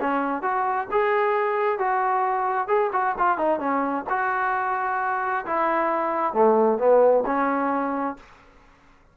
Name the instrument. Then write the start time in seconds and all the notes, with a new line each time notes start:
trombone
0.00 C#4
0.42 F#4
0.91 G#4
1.78 F#4
2.68 G#4
2.93 F#4
3.18 F4
3.37 D#4
3.59 C#4
4.09 F#4
5.45 E4
6.33 A3
6.78 B3
7.25 C#4